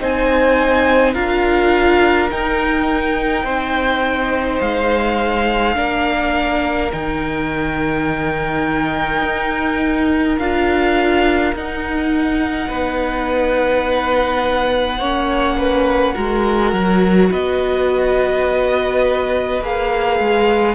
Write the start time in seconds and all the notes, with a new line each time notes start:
0.00 C4 D#4 C5 G#5
1.14 D4 F4 A#4 F5
2.31 D#4 G5
3.44 C4 C5
4.61 G#3 F5
5.75 A#3 D4 A#4
6.92 D#3 D#4 G5
9.22 D#4
10.38 D4 F4 F5
11.54 D#4 F#5
12.68 B3 B4
14.99 A#3 C#4 C#5
15.58 B4
16.14 G#3 F#4 A#4
16.73 F#3
17.31 B3 B4 D#5
19.62 A#3 G#4 F5
20.19 G#3